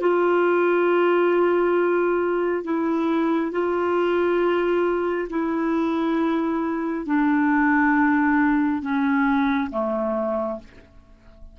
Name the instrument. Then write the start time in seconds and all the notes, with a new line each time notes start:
clarinet
0.00 F4
2.64 E4
3.51 F4
5.29 E4
7.06 D4
8.82 C#4
9.71 A3